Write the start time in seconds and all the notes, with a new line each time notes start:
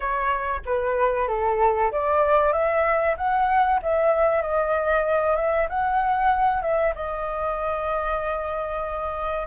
0.00 C#5
0.65 B4
1.28 A4
1.91 D5
2.52 E5
3.17 F#5
3.82 E5
4.42 D#5
5.36 E5
5.69 F#5
6.61 E5
6.95 D#5